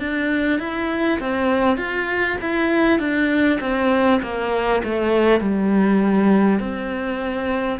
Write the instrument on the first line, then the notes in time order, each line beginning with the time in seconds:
cello
0.00 D4
0.59 E4
1.19 C4
1.77 F4
2.41 E4
2.99 D4
3.61 C4
4.23 A#3
4.84 A3
5.41 G3
6.59 C4